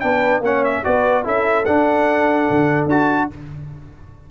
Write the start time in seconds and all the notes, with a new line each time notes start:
0.00 B3 D4 B4 G5
0.40 A#3 C#4 C#5 F#5
0.64 E5
0.84 B3 F#4 B4 D5
1.24 C#4 E4 A4 E5
1.65 D4 F#5
2.51 D3
2.86 D4 F#4 A5